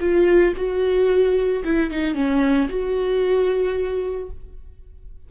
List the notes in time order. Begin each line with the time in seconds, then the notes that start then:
0.00 F4
0.56 F#4
1.64 E4
1.90 D#4
2.14 C#4
2.69 F#4